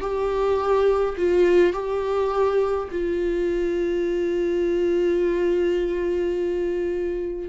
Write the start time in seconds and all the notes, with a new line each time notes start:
0.00 G4
1.17 F4
1.73 G4
2.91 F4